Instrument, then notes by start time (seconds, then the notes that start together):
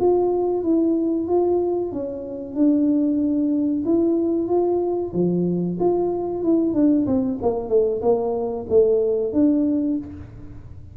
tuba
0.00 F4
0.63 E4
1.28 F4
1.92 C#4
2.55 D4
3.85 E4
4.48 F4
5.13 F3
5.80 F4
6.43 E4
6.74 D4
7.06 C4
7.42 A#3
7.69 A3
8.02 A#3
8.69 A3
9.33 D4